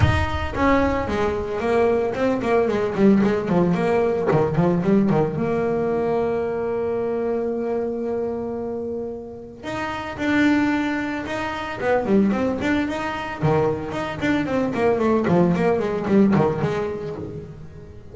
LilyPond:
\new Staff \with { instrumentName = "double bass" } { \time 4/4 \tempo 4 = 112 dis'4 cis'4 gis4 ais4 | c'8 ais8 gis8 g8 gis8 f8 ais4 | dis8 f8 g8 dis8 ais2~ | ais1~ |
ais2 dis'4 d'4~ | d'4 dis'4 b8 g8 c'8 d'8 | dis'4 dis4 dis'8 d'8 c'8 ais8 | a8 f8 ais8 gis8 g8 dis8 gis4 | }